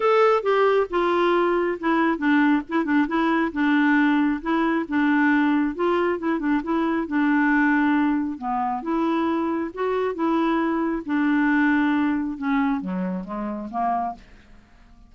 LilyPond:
\new Staff \with { instrumentName = "clarinet" } { \time 4/4 \tempo 4 = 136 a'4 g'4 f'2 | e'4 d'4 e'8 d'8 e'4 | d'2 e'4 d'4~ | d'4 f'4 e'8 d'8 e'4 |
d'2. b4 | e'2 fis'4 e'4~ | e'4 d'2. | cis'4 fis4 gis4 ais4 | }